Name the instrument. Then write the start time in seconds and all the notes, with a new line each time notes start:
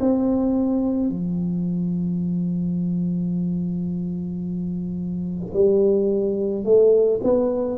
tuba
0.00 C4
1.09 F3
5.54 G3
6.65 A3
7.23 B3